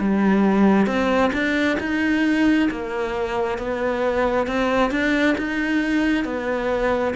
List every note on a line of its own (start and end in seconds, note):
0.00 0.87 G3
0.87 1.32 C4
1.33 1.78 D4
1.80 2.69 D#4
2.71 3.58 A#3
3.58 4.47 B3
4.47 4.91 C4
4.91 5.36 D4
5.38 6.25 D#4
6.25 7.14 B3